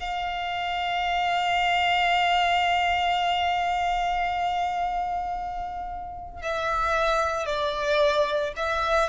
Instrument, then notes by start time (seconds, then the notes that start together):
violin
0.00 F5
6.42 E5
7.46 D5
8.56 E5